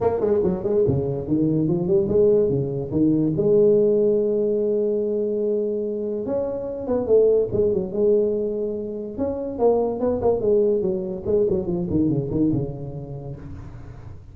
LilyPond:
\new Staff \with { instrumentName = "tuba" } { \time 4/4 \tempo 4 = 144 ais8 gis8 fis8 gis8 cis4 dis4 | f8 g8 gis4 cis4 dis4 | gis1~ | gis2. cis'4~ |
cis'8 b8 a4 gis8 fis8 gis4~ | gis2 cis'4 ais4 | b8 ais8 gis4 fis4 gis8 fis8 | f8 dis8 cis8 dis8 cis2 | }